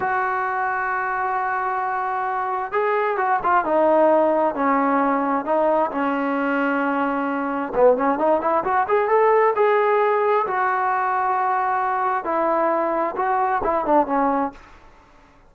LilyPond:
\new Staff \with { instrumentName = "trombone" } { \time 4/4 \tempo 4 = 132 fis'1~ | fis'2 gis'4 fis'8 f'8 | dis'2 cis'2 | dis'4 cis'2.~ |
cis'4 b8 cis'8 dis'8 e'8 fis'8 gis'8 | a'4 gis'2 fis'4~ | fis'2. e'4~ | e'4 fis'4 e'8 d'8 cis'4 | }